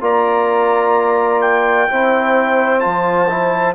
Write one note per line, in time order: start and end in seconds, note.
0.00 1.88 A#3
0.00 1.88 F4
0.00 1.89 D5
0.00 1.41 A#5
1.41 2.80 G5
1.88 2.85 C4
1.88 2.80 E4
1.88 3.74 C5
2.80 3.74 F3
2.80 3.27 F4
2.80 3.73 A5
3.28 3.74 E4